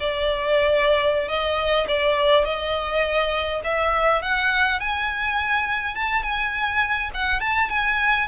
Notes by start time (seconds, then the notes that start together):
0.00 D5
1.28 D#5
1.88 D5
2.45 D#5
3.64 E5
4.22 F#5
4.80 G#5
5.95 A5
6.23 G#5
7.14 F#5
7.40 A5
7.69 G#5